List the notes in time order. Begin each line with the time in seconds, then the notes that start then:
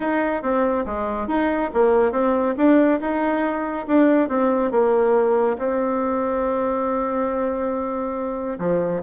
0.00 D#4
0.42 C4
0.85 G#3
1.27 D#4
1.73 A#3
2.11 C4
2.57 D4
3.00 D#4
3.87 D4
4.29 C4
4.71 A#3
5.58 C4
8.58 F3